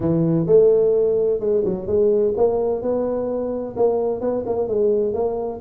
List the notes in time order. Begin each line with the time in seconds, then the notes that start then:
0.00 E3
0.46 A3
1.40 G#3
1.64 F#3
1.86 G#3
2.37 A#3
2.81 B3
3.76 A#3
4.20 B3
4.46 A#3
4.68 G#3
5.13 A#3